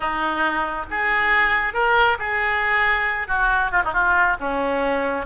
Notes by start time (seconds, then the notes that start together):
0.00 D#4
0.90 G#4
1.73 A#4
2.18 G#4
3.27 F#4
3.71 F4
3.84 D#4
3.93 F4
4.40 C#4